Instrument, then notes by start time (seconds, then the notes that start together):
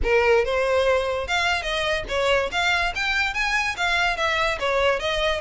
violin
0.03 A#4
0.45 C5
1.27 F5
1.62 D#5
2.08 C#5
2.51 F5
2.95 G5
3.34 G#5
3.77 F5
4.16 E5
4.59 C#5
4.99 D#5